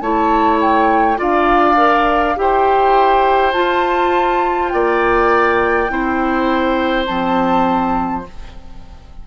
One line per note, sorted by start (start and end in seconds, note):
0.00 1.18 A3
0.00 1.16 E4
0.00 1.18 C#5
0.00 0.59 A5
0.60 1.19 G5
1.16 2.37 D4
1.16 1.75 F4
1.16 2.36 D5
1.16 2.37 F5
1.76 2.35 A#4
2.36 3.53 E4
2.36 3.53 G4
2.36 4.73 C5
2.36 3.52 G5
3.52 5.88 F4
3.52 4.71 F4
3.52 4.68 A5
4.68 5.89 A#3
4.68 5.91 D5
4.68 7.04 G5
5.89 7.07 C4
5.89 7.06 E4
5.89 8.27 C5
7.06 8.26 F3
7.06 8.23 C4
7.06 8.24 A5